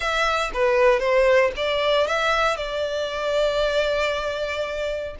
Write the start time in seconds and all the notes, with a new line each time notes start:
0.00 E5
0.53 B4
0.99 C5
1.56 D5
2.07 E5
2.57 D5